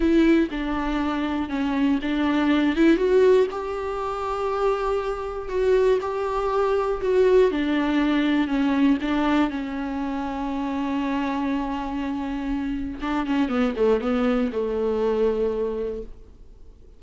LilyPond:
\new Staff \with { instrumentName = "viola" } { \time 4/4 \tempo 4 = 120 e'4 d'2 cis'4 | d'4. e'8 fis'4 g'4~ | g'2. fis'4 | g'2 fis'4 d'4~ |
d'4 cis'4 d'4 cis'4~ | cis'1~ | cis'2 d'8 cis'8 b8 a8 | b4 a2. | }